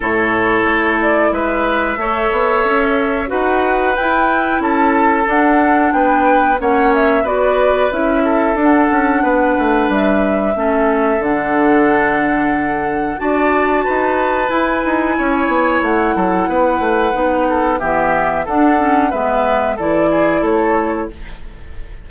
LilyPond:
<<
  \new Staff \with { instrumentName = "flute" } { \time 4/4 \tempo 4 = 91 cis''4. d''8 e''2~ | e''4 fis''4 g''4 a''4 | fis''4 g''4 fis''8 e''8 d''4 | e''4 fis''2 e''4~ |
e''4 fis''2. | a''2 gis''2 | fis''2. e''4 | fis''4 e''4 d''4 cis''4 | }
  \new Staff \with { instrumentName = "oboe" } { \time 4/4 a'2 b'4 cis''4~ | cis''4 b'2 a'4~ | a'4 b'4 cis''4 b'4~ | b'8 a'4. b'2 |
a'1 | d''4 b'2 cis''4~ | cis''8 a'8 b'4. a'8 g'4 | a'4 b'4 a'8 gis'8 a'4 | }
  \new Staff \with { instrumentName = "clarinet" } { \time 4/4 e'2. a'4~ | a'4 fis'4 e'2 | d'2 cis'4 fis'4 | e'4 d'2. |
cis'4 d'2. | fis'2 e'2~ | e'2 dis'4 b4 | d'8 cis'8 b4 e'2 | }
  \new Staff \with { instrumentName = "bassoon" } { \time 4/4 a,4 a4 gis4 a8 b8 | cis'4 dis'4 e'4 cis'4 | d'4 b4 ais4 b4 | cis'4 d'8 cis'8 b8 a8 g4 |
a4 d2. | d'4 dis'4 e'8 dis'8 cis'8 b8 | a8 fis8 b8 a8 b4 e4 | d'4 gis4 e4 a4 | }
>>